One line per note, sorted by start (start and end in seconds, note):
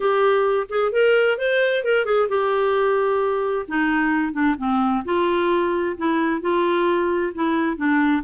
0.00 0.67 G4
0.69 0.92 G#4
0.92 1.38 A#4
1.38 1.84 C5
1.84 2.05 A#4
2.05 2.28 G#4
2.28 3.66 G4
3.67 4.32 D#4
4.32 4.55 D4
4.58 5.03 C4
5.04 5.96 F4
5.97 6.41 E4
6.41 7.32 F4
7.34 7.77 E4
7.77 8.22 D4